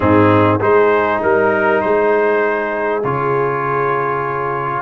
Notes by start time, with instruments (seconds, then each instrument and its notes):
0.00 tuba G#2, trombone C4, horn D#4, trumpet G#4
0.60 tuba G#3, trombone D#4, horn G#4, trumpet C5
1.21 tuba G3, horn A#4, trumpet A#4
1.81 tuba G#3, horn G#4, trumpet C5
3.03 tuba C#3, trombone F4, trumpet C#5